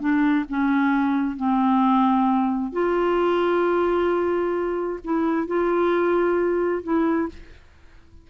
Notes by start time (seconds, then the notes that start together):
0.00 D4
0.49 C#4
1.36 C4
2.73 F4
5.04 E4
5.47 F4
6.83 E4